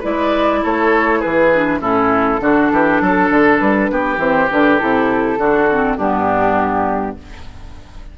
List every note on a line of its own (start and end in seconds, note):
0.00 0.64 G#3
0.00 1.51 E4
0.00 0.59 B4
0.00 0.64 D5
0.63 1.24 A3
0.63 1.20 A4
0.63 1.21 C#5
1.20 1.81 E3
1.20 1.79 G#4
1.20 1.81 B4
1.55 1.80 D4
1.80 2.41 A2
1.80 2.39 C#4
1.80 2.41 E4
1.80 3.60 A4
2.39 2.71 D3
2.39 4.18 D4
2.39 2.72 F#4
2.72 3.01 E3
2.72 3.02 G4
3.01 3.30 F#3
3.01 3.91 A4
3.30 3.60 D3
3.60 3.91 G3
3.60 4.19 B4
3.91 4.17 B3
3.91 5.39 G4
4.17 4.47 E3
4.17 4.49 C4
4.17 4.50 C5
4.50 4.82 D3
4.50 4.80 D4
4.50 4.79 B4
4.79 5.38 C3
4.79 5.39 E4
4.79 5.98 A4
5.38 5.98 D3
5.38 5.69 D4
5.38 5.97 F#4
5.70 6.00 C4
5.97 7.17 G2
5.97 7.18 B3
5.97 7.16 D4
5.97 7.17 G4